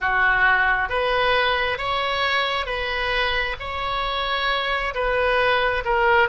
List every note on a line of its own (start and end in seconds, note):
0.00 0.89 F#4
0.89 1.77 B4
1.77 2.65 C#5
2.65 3.55 B4
3.59 4.94 C#5
4.94 5.83 B4
5.85 6.28 A#4